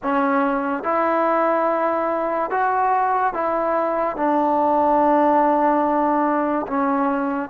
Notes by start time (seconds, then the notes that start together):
0.02 C#4
0.83 E4
2.50 F#4
3.33 E4
4.16 D4
6.67 C#4